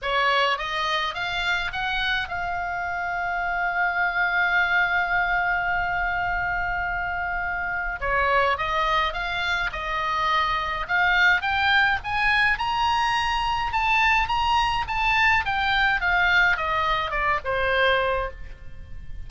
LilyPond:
\new Staff \with { instrumentName = "oboe" } { \time 4/4 \tempo 4 = 105 cis''4 dis''4 f''4 fis''4 | f''1~ | f''1~ | f''2 cis''4 dis''4 |
f''4 dis''2 f''4 | g''4 gis''4 ais''2 | a''4 ais''4 a''4 g''4 | f''4 dis''4 d''8 c''4. | }